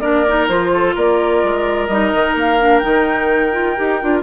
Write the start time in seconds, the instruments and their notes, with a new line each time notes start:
0.00 bassoon A#3, clarinet D4, oboe A#4, flute D5
0.28 clarinet D#4
0.49 bassoon F3, clarinet F4, flute C5
0.74 oboe A4
0.96 bassoon A#3, oboe A#4, flute D5
1.43 bassoon G#3
1.87 bassoon G3, clarinet D#4, flute D#5
2.14 bassoon D#3
2.35 bassoon A#3, flute F5
2.60 clarinet D4
2.79 bassoon D#3, clarinet D#4, flute G5
3.52 clarinet F4
3.77 bassoon D#4, clarinet G4
4.01 bassoon D4, clarinet F4